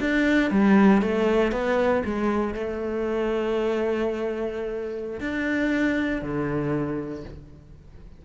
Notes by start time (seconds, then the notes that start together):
0.00 D4
0.51 G3
1.02 A3
1.52 B3
2.05 G#3
2.54 A3
5.20 D4
6.22 D3